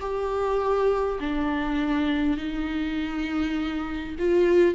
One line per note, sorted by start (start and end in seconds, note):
0.00 1.19 G4
1.20 2.37 D4
2.37 4.15 D#4
4.19 4.74 F4